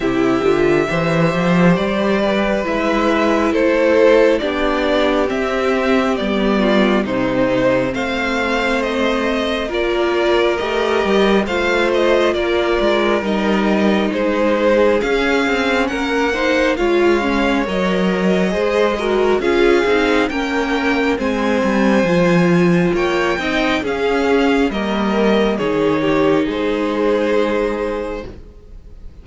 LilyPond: <<
  \new Staff \with { instrumentName = "violin" } { \time 4/4 \tempo 4 = 68 e''2 d''4 e''4 | c''4 d''4 e''4 d''4 | c''4 f''4 dis''4 d''4 | dis''4 f''8 dis''8 d''4 dis''4 |
c''4 f''4 fis''4 f''4 | dis''2 f''4 g''4 | gis''2 g''4 f''4 | dis''4 cis''4 c''2 | }
  \new Staff \with { instrumentName = "violin" } { \time 4/4 g'4 c''4. b'4. | a'4 g'2~ g'8 f'8 | dis'4 c''2 ais'4~ | ais'4 c''4 ais'2 |
gis'2 ais'8 c''8 cis''4~ | cis''4 c''8 ais'8 gis'4 ais'4 | c''2 cis''8 dis''8 gis'4 | ais'4 gis'8 g'8 gis'2 | }
  \new Staff \with { instrumentName = "viola" } { \time 4/4 e'8 f'8 g'2 e'4~ | e'4 d'4 c'4 b4 | c'2. f'4 | g'4 f'2 dis'4~ |
dis'4 cis'4. dis'8 f'8 cis'8 | ais'4 gis'8 fis'8 f'8 dis'8 cis'4 | c'4 f'4. dis'8 cis'4 | ais4 dis'2. | }
  \new Staff \with { instrumentName = "cello" } { \time 4/4 c8 d8 e8 f8 g4 gis4 | a4 b4 c'4 g4 | c4 a2 ais4 | a8 g8 a4 ais8 gis8 g4 |
gis4 cis'8 c'8 ais4 gis4 | fis4 gis4 cis'8 c'8 ais4 | gis8 g8 f4 ais8 c'8 cis'4 | g4 dis4 gis2 | }
>>